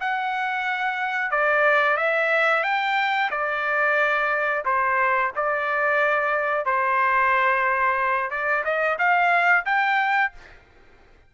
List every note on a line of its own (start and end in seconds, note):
0.00 1.31 F#5
1.31 1.97 D5
1.97 2.63 E5
2.63 3.30 G5
3.30 4.64 D5
4.65 5.31 C5
5.35 6.65 D5
6.65 8.30 C5
8.30 8.64 D5
8.64 8.98 D#5
8.98 9.65 F5
9.65 10.32 G5